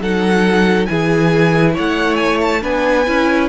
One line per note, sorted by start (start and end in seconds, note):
0.00 0.87 F#3
0.00 0.88 D#4
0.00 0.88 A4
0.00 0.86 F#5
0.86 1.77 E3
0.86 2.61 E4
0.86 1.74 G#4
0.86 1.73 G#5
1.74 2.64 A3
1.74 2.61 C#5
1.74 2.16 F#5
2.16 2.37 G#5
2.41 2.63 A5
2.61 3.07 B3
2.61 3.05 D4
2.61 3.48 B4
2.61 3.48 G#5
3.07 3.48 C#4
3.07 3.48 E4